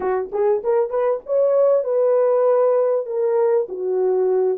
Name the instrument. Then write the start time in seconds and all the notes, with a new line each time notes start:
horn
0.00 F#4
0.31 G#4
0.63 A#4
0.89 B4
1.26 C#5
1.83 B4
3.06 A#4
3.68 F#4